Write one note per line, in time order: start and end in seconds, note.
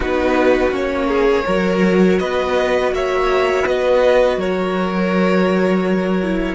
0.00 0.71 B3
0.00 0.71 D#4
0.00 1.06 F#4
0.00 0.74 B4
0.71 1.44 A#3
0.71 1.44 C#4
0.71 2.18 C#5
1.07 1.44 G#4
1.45 2.20 F#3
1.45 6.22 F#4
1.45 2.19 A#4
2.18 2.92 B3
2.18 2.93 B4
2.18 2.91 D#5
2.92 3.65 A#3
2.92 3.65 C#5
2.92 3.67 E5
3.65 4.36 B3
3.65 4.38 B4
3.65 4.39 D#5
4.36 6.55 F#3
4.36 6.55 A#4
4.36 6.55 C#5
6.22 6.55 E4